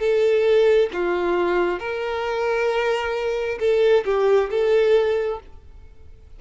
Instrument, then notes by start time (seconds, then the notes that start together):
violin
0.00 A4
0.93 F4
1.80 A#4
3.60 A4
4.05 G4
4.51 A4